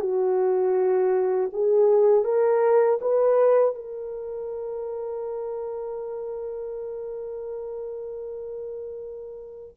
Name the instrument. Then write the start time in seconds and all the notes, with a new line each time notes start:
horn
0.00 F#4
1.53 G#4
2.24 A#4
3.01 B4
3.75 A#4